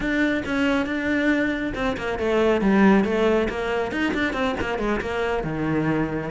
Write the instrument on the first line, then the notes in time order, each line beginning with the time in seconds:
cello
0.00 D4
0.45 C#4
0.86 D4
1.75 C4
1.97 A#3
2.18 A3
2.61 G3
3.04 A3
3.49 A#3
3.91 D#4
4.14 D4
4.33 C4
4.60 A#3
4.78 G#3
5.00 A#3
5.43 D#3